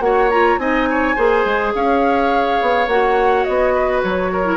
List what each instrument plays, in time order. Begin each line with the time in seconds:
0.00 bassoon A#3, clarinet F#4, oboe C#5, flute F#5
0.30 clarinet F4, flute A#5
0.58 bassoon C4, clarinet D#4, oboe D#5, flute G#5
0.90 oboe C#5
1.16 bassoon A#3, clarinet G#4, oboe C5
1.45 bassoon G#3
1.75 bassoon C#4, oboe C#5, flute F5
2.62 bassoon B3
2.87 bassoon A#3, clarinet F#4, flute F#5
3.44 bassoon B3, flute D#5
3.74 oboe B4
4.03 bassoon F#3, flute C#5
4.33 oboe A#4
4.44 clarinet E4